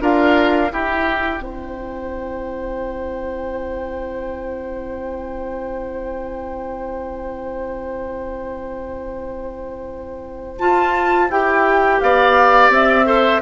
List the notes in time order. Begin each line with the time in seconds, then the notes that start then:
0.00 D4 F4 A#4 F5
0.69 E4 G4 G5
1.39 C4 C5
10.59 F4 A5
11.30 E4 G4 G5
12.00 B3 D5 F5
12.69 C4 E5
13.05 A4 C5